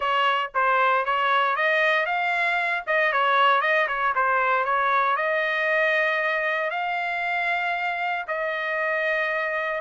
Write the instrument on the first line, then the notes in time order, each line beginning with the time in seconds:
trumpet
0.00 C#5
0.54 C5
1.05 C#5
1.55 D#5
2.06 F5
2.86 D#5
3.12 C#5
3.61 D#5
3.87 C#5
4.15 C5
4.64 C#5
5.16 D#5
6.70 F5
8.27 D#5